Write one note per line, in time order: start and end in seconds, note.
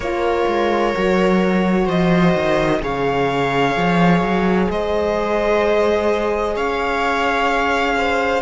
0.00 0.44 A#3
0.00 0.95 F4
0.00 1.85 A#4
0.00 1.88 C#5
0.47 0.94 G#3
0.95 1.87 F#3
0.95 2.80 F#4
1.85 2.34 F3
1.85 2.79 C5
1.85 2.82 D#5
2.34 2.81 D#3
2.80 3.76 C#3
2.80 8.42 G#4
2.80 4.70 C#5
2.80 4.70 F5
3.76 4.21 F3
4.21 4.67 F#3
4.70 6.55 G#3
4.70 6.55 C5
4.70 6.56 D#5
6.55 8.42 C#4
6.55 7.96 C#5
6.55 8.42 F5
7.97 8.42 C5